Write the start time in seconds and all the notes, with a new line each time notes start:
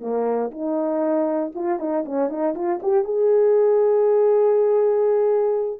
0.00 A#3
0.51 D#4
1.54 F4
1.79 D#4
2.05 C#4
2.29 D#4
2.54 F4
2.82 G4
3.04 G#4